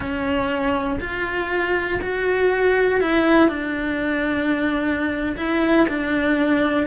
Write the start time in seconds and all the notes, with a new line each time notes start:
0.00 C#4
1.00 F4
2.02 F#4
3.00 E4
3.48 D4
5.37 E4
5.88 D4